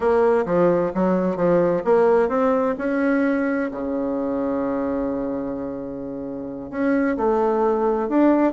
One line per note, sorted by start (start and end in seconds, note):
0.00 0.45 A#3
0.45 0.91 F3
0.94 1.36 F#3
1.36 1.82 F3
1.84 2.28 A#3
2.28 2.75 C4
2.78 3.70 C#4
3.71 6.70 C#3
6.70 7.16 C#4
7.16 8.08 A3
8.08 8.52 D4